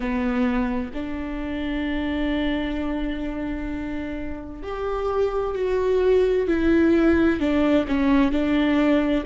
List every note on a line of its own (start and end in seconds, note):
0.00 0.91 B3
0.93 4.62 D4
4.62 5.55 G4
5.55 6.47 F#4
6.47 7.39 E4
7.40 7.86 D4
7.87 8.31 C#4
8.31 9.23 D4